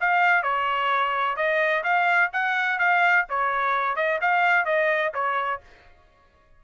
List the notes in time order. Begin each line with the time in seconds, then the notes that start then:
0.00 F5
0.42 C#5
1.36 D#5
1.83 F5
2.32 F#5
2.78 F5
3.29 C#5
3.96 D#5
4.21 F5
4.65 D#5
5.14 C#5